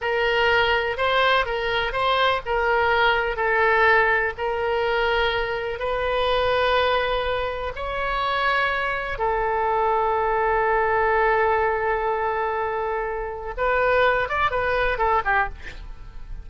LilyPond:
\new Staff \with { instrumentName = "oboe" } { \time 4/4 \tempo 4 = 124 ais'2 c''4 ais'4 | c''4 ais'2 a'4~ | a'4 ais'2. | b'1 |
cis''2. a'4~ | a'1~ | a'1 | b'4. d''8 b'4 a'8 g'8 | }